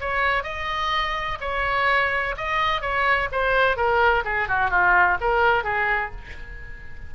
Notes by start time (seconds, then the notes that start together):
0.00 C#5
0.43 D#5
1.41 C#5
2.37 D#5
2.81 C#5
3.32 C5
3.76 A#4
4.25 G#4
4.48 F#4
4.70 F4
5.21 A#4
5.63 G#4